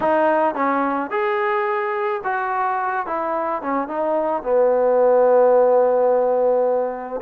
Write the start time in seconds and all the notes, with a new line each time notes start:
0.00 D#4
0.54 C#4
1.10 G#4
2.23 F#4
3.06 E4
3.62 C#4
3.88 D#4
4.42 B3